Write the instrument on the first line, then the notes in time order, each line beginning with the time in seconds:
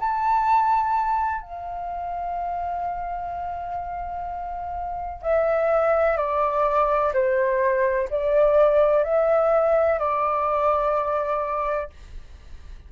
flute
0.00 A5
1.42 F5
5.23 E5
6.17 D5
7.13 C5
8.10 D5
9.04 E5
9.99 D5